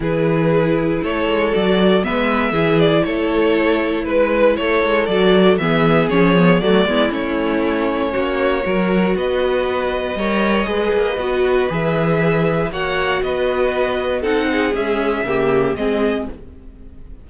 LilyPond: <<
  \new Staff \with { instrumentName = "violin" } { \time 4/4 \tempo 4 = 118 b'2 cis''4 d''4 | e''4. d''8 cis''2 | b'4 cis''4 d''4 e''4 | cis''4 d''4 cis''2~ |
cis''2 dis''2~ | dis''2. e''4~ | e''4 fis''4 dis''2 | fis''4 e''2 dis''4 | }
  \new Staff \with { instrumentName = "violin" } { \time 4/4 gis'2 a'2 | b'4 gis'4 a'2 | b'4 a'2 gis'4~ | gis'4 fis'8 e'2~ e'8 |
fis'4 ais'4 b'2 | cis''4 b'2.~ | b'4 cis''4 b'2 | a'8 gis'4. g'4 gis'4 | }
  \new Staff \with { instrumentName = "viola" } { \time 4/4 e'2. fis'4 | b4 e'2.~ | e'2 fis'4 b4 | cis'8 b8 a8 b8 cis'2~ |
cis'4 fis'2. | ais'4 gis'4 fis'4 gis'4~ | gis'4 fis'2. | dis'4 gis4 ais4 c'4 | }
  \new Staff \with { instrumentName = "cello" } { \time 4/4 e2 a8 gis8 fis4 | gis4 e4 a2 | gis4 a8 gis8 fis4 e4 | f4 fis8 gis8 a2 |
ais4 fis4 b2 | g4 gis8 ais8 b4 e4~ | e4 ais4 b2 | c'4 cis'4 cis4 gis4 | }
>>